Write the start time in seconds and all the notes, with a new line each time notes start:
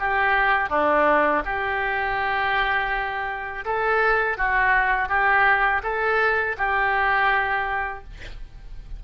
0.00 G4
0.70 D4
1.45 G4
3.65 A4
4.38 F#4
5.09 G4
5.83 A4
6.58 G4